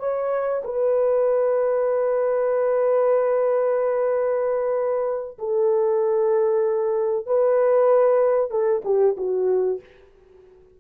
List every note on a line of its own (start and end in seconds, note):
0.00 0.63 C#5
0.65 5.39 B4
5.39 7.27 A4
7.27 8.51 B4
8.51 8.83 A4
8.85 9.17 G4
9.18 9.81 F#4